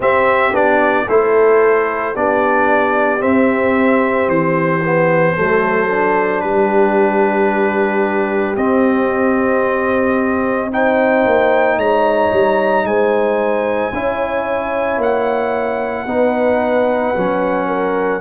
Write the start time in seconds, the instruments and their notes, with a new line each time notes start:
0.00 tuba C4, trombone C4, horn G4, trumpet E5
0.52 tuba B3, trombone D4, trumpet D5
1.08 tuba A3, trombone E4, horn A4, trumpet C5
2.15 tuba B3, trombone D4, horn G4, trumpet D5
3.19 trombone C4, tuba C4, trumpet E5
4.28 tuba E3, trumpet C5
4.84 trombone B3
5.35 tuba F#3, trombone A3, horn A4
5.88 trombone D4
6.40 tuba G3, horn G4, trumpet B4
8.56 tuba C4, trombone C4, trumpet D#5
10.71 trombone D#4, horn C5, trumpet G5
11.25 tuba A#3
11.77 tuba G#3, horn C#5, trumpet A#5
12.32 tuba G3
12.84 tuba G#3, horn C5, trumpet G#5
13.92 tuba C#4, trombone E4, horn C#5
14.97 tuba A#3, trumpet F#5
16.06 tuba B3, trombone D#4, horn B4
17.15 tuba F#3, trombone C#4
17.67 horn A#4